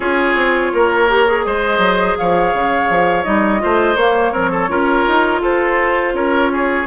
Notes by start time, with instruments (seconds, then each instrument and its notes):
0.00 bassoon C#4, clarinet F4, oboe G#4, flute C#5
0.35 bassoon C4
0.73 bassoon A#3, oboe A#4
1.08 clarinet G4
1.27 clarinet G#4
1.44 bassoon G#3, oboe C5, flute D#5
1.78 bassoon F#3
2.17 bassoon F3, oboe C#5, flute F5
2.53 bassoon C#3
2.89 bassoon F3
3.24 bassoon G3, clarinet D#4, flute D#5
3.59 bassoon A3, clarinet F4, oboe C5
3.95 bassoon A#3, clarinet A#3, flute C#5
4.31 clarinet F3, bassoon C4, oboe A#4
4.51 oboe A4
4.69 bassoon C#4, clarinet F4, oboe A#4
5.07 bassoon D#4
5.41 bassoon F4, oboe A4, flute C5
6.13 bassoon C#4, oboe A#4, flute C#5
6.52 oboe G#4